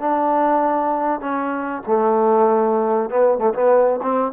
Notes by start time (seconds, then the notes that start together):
0.00 D4
1.20 C#4
1.87 A3
3.10 B3
3.39 A3
3.54 B3
4.03 C4